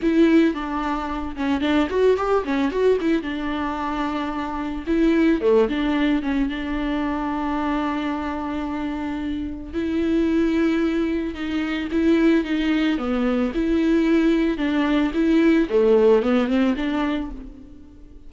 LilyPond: \new Staff \with { instrumentName = "viola" } { \time 4/4 \tempo 4 = 111 e'4 d'4. cis'8 d'8 fis'8 | g'8 cis'8 fis'8 e'8 d'2~ | d'4 e'4 a8 d'4 cis'8 | d'1~ |
d'2 e'2~ | e'4 dis'4 e'4 dis'4 | b4 e'2 d'4 | e'4 a4 b8 c'8 d'4 | }